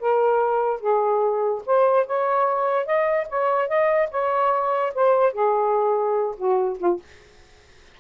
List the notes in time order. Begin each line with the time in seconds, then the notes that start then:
0.00 A#4
0.81 G#4
1.66 C5
2.07 C#5
2.86 D#5
3.29 C#5
3.69 D#5
4.11 C#5
4.95 C5
5.33 G#4
6.37 F#4
6.80 F4